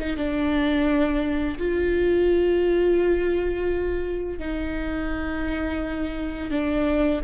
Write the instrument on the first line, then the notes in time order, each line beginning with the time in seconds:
viola
0.00 D#4
0.17 D4
1.59 F4
4.40 D#4
6.51 D4